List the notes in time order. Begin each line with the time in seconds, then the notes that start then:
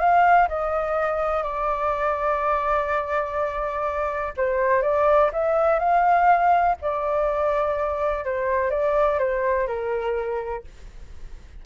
0.00 F5
0.49 D#5
1.43 D5
4.37 C5
4.83 D5
5.33 E5
5.80 F5
6.82 D5
8.25 C5
8.71 D5
9.19 C5
9.68 A#4